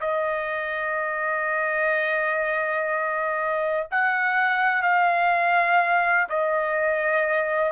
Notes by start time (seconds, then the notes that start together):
0.00 D#5
3.91 F#5
4.82 F5
6.29 D#5